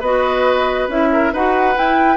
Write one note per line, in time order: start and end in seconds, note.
0.00 0.88 B3
0.00 0.89 F#4
0.00 1.09 B4
0.00 0.89 D#5
0.88 1.32 C#4
0.88 1.33 E4
0.88 1.33 E5
1.12 1.33 A#4
1.33 1.76 D#4
1.33 1.75 F#4
1.33 2.17 B4
1.33 1.77 F#5
1.75 2.17 E4
1.75 2.17 G5